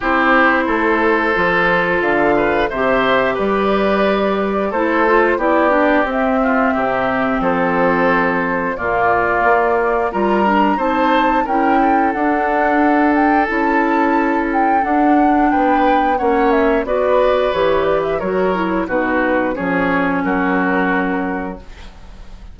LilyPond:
<<
  \new Staff \with { instrumentName = "flute" } { \time 4/4 \tempo 4 = 89 c''2. f''4 | e''4 d''2 c''4 | d''4 e''2 c''4~ | c''4 d''2 ais''4 |
a''4 g''4 fis''4. g''8 | a''4. g''8 fis''4 g''4 | fis''8 e''8 d''4 cis''8 d''16 e''16 cis''4 | b'4 cis''4 ais'2 | }
  \new Staff \with { instrumentName = "oboe" } { \time 4/4 g'4 a'2~ a'8 b'8 | c''4 b'2 a'4 | g'4. f'8 g'4 a'4~ | a'4 f'2 ais'4 |
c''4 ais'8 a'2~ a'8~ | a'2. b'4 | cis''4 b'2 ais'4 | fis'4 gis'4 fis'2 | }
  \new Staff \with { instrumentName = "clarinet" } { \time 4/4 e'2 f'2 | g'2. e'8 f'8 | e'8 d'8 c'2.~ | c'4 ais2 f'8 d'8 |
dis'4 e'4 d'2 | e'2 d'2 | cis'4 fis'4 g'4 fis'8 e'8 | dis'4 cis'2. | }
  \new Staff \with { instrumentName = "bassoon" } { \time 4/4 c'4 a4 f4 d4 | c4 g2 a4 | b4 c'4 c4 f4~ | f4 ais,4 ais4 g4 |
c'4 cis'4 d'2 | cis'2 d'4 b4 | ais4 b4 e4 fis4 | b,4 f4 fis2 | }
>>